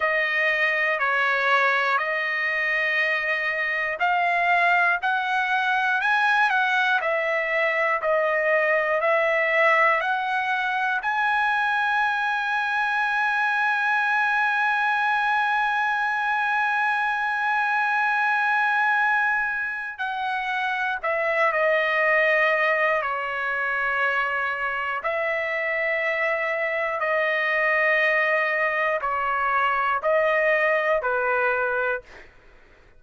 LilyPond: \new Staff \with { instrumentName = "trumpet" } { \time 4/4 \tempo 4 = 60 dis''4 cis''4 dis''2 | f''4 fis''4 gis''8 fis''8 e''4 | dis''4 e''4 fis''4 gis''4~ | gis''1~ |
gis''1 | fis''4 e''8 dis''4. cis''4~ | cis''4 e''2 dis''4~ | dis''4 cis''4 dis''4 b'4 | }